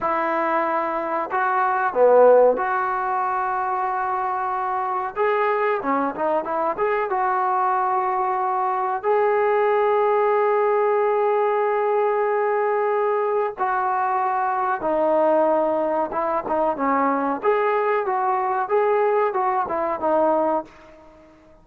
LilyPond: \new Staff \with { instrumentName = "trombone" } { \time 4/4 \tempo 4 = 93 e'2 fis'4 b4 | fis'1 | gis'4 cis'8 dis'8 e'8 gis'8 fis'4~ | fis'2 gis'2~ |
gis'1~ | gis'4 fis'2 dis'4~ | dis'4 e'8 dis'8 cis'4 gis'4 | fis'4 gis'4 fis'8 e'8 dis'4 | }